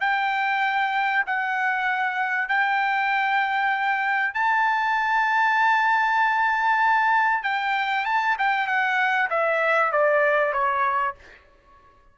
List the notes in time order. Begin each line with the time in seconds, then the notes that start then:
0.00 G5
1.26 F#5
2.48 G5
4.34 A5
7.43 G5
8.05 A5
8.38 G5
8.67 F#5
9.30 E5
9.92 D5
10.52 C#5